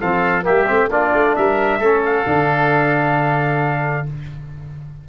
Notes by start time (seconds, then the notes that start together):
0.00 F3 C4 A4 F5
0.42 A#3 G4 E5
0.48 G3
0.67 A3 C4
0.90 A#3 D4 F4 D5
1.13 A3
1.35 G3 A#4 E5
1.78 A3 C#4 A4
2.05 F5
2.26 D3 D4